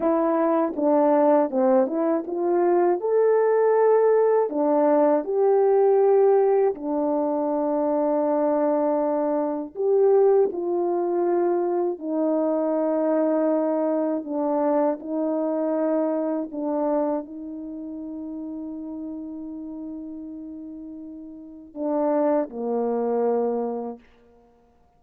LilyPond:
\new Staff \with { instrumentName = "horn" } { \time 4/4 \tempo 4 = 80 e'4 d'4 c'8 e'8 f'4 | a'2 d'4 g'4~ | g'4 d'2.~ | d'4 g'4 f'2 |
dis'2. d'4 | dis'2 d'4 dis'4~ | dis'1~ | dis'4 d'4 ais2 | }